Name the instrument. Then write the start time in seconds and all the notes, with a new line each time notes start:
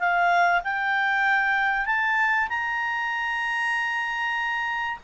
clarinet
0.00 F5
0.64 G5
1.86 A5
2.49 A#5